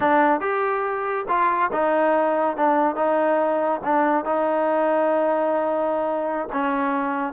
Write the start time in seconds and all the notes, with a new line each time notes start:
0.00 D4
0.40 G4
1.28 F4
1.72 D#4
2.56 D4
2.95 D#4
3.84 D4
4.24 D#4
6.52 C#4